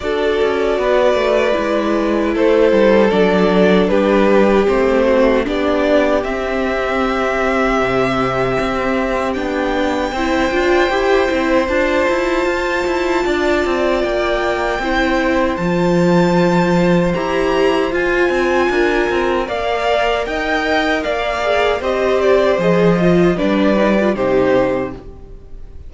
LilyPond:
<<
  \new Staff \with { instrumentName = "violin" } { \time 4/4 \tempo 4 = 77 d''2. c''4 | d''4 b'4 c''4 d''4 | e''1 | g''2. a''4~ |
a''2 g''2 | a''2 ais''4 gis''4~ | gis''4 f''4 g''4 f''4 | dis''8 d''8 dis''4 d''4 c''4 | }
  \new Staff \with { instrumentName = "violin" } { \time 4/4 a'4 b'2 a'4~ | a'4 g'4. fis'8 g'4~ | g'1~ | g'4 c''2.~ |
c''4 d''2 c''4~ | c''1 | ais'4 d''4 dis''4 d''4 | c''2 b'4 g'4 | }
  \new Staff \with { instrumentName = "viola" } { \time 4/4 fis'2 e'2 | d'2 c'4 d'4 | c'1 | d'4 e'8 f'8 g'8 e'8 f'4~ |
f'2. e'4 | f'2 g'4 f'4~ | f'4 ais'2~ ais'8 gis'8 | g'4 gis'8 f'8 d'8 dis'16 f'16 dis'4 | }
  \new Staff \with { instrumentName = "cello" } { \time 4/4 d'8 cis'8 b8 a8 gis4 a8 g8 | fis4 g4 a4 b4 | c'2 c4 c'4 | b4 c'8 d'8 e'8 c'8 d'8 e'8 |
f'8 e'8 d'8 c'8 ais4 c'4 | f2 e'4 f'8 c'8 | d'8 c'8 ais4 dis'4 ais4 | c'4 f4 g4 c4 | }
>>